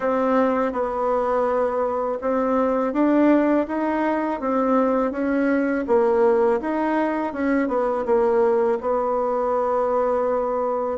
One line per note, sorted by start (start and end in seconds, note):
0.00 0.72 C4
0.72 2.18 B3
2.21 2.93 C4
2.93 3.66 D4
3.68 4.40 D#4
4.40 5.11 C4
5.11 5.84 C#4
5.87 6.60 A#3
6.60 7.33 D#4
7.33 7.68 C#4
7.68 8.04 B3
8.05 8.78 A#3
8.80 10.98 B3